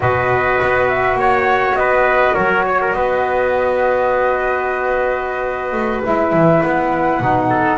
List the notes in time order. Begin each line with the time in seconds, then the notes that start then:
0.00 B2 F#4 B4 D#5
0.62 B3
0.88 E5
1.13 A#3 C#5 F#5
1.74 B3 B4 D#5
2.34 F#3 A#4 C#5
2.65 C#5
2.81 A#4
2.92 B3 B4 D#5
5.72 A3
6.03 G#3 E4 E5
6.32 E3
6.62 B3 F#5
7.20 B2 D#4
7.49 A4